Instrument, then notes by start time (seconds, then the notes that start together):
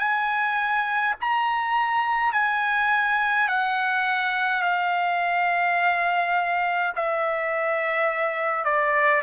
trumpet
0.00 G#5
1.21 A#5
2.33 G#5
3.49 F#5
4.63 F5
6.97 E5
8.65 D5